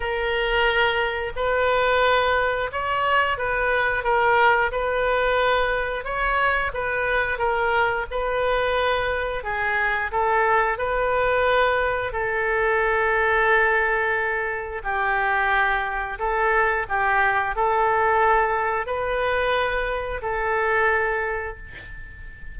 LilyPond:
\new Staff \with { instrumentName = "oboe" } { \time 4/4 \tempo 4 = 89 ais'2 b'2 | cis''4 b'4 ais'4 b'4~ | b'4 cis''4 b'4 ais'4 | b'2 gis'4 a'4 |
b'2 a'2~ | a'2 g'2 | a'4 g'4 a'2 | b'2 a'2 | }